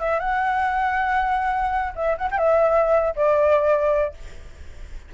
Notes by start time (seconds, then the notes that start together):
0.00 E5
0.20 F#5
1.96 E5
2.18 F#5
2.31 G5
2.38 E5
3.16 D5